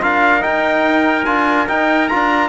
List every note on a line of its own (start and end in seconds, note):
0.00 0.43 D4
0.00 0.40 F4
0.00 2.48 A#4
0.00 0.42 F5
0.40 1.23 D#4
0.40 1.26 D#4
0.40 1.25 G5
1.25 1.68 D4
1.25 1.67 F4
1.25 1.66 G#5
1.68 2.09 D#4
1.68 2.10 D#4
1.68 2.08 G5
2.08 2.48 D4
2.08 2.48 F4
2.08 2.48 A#5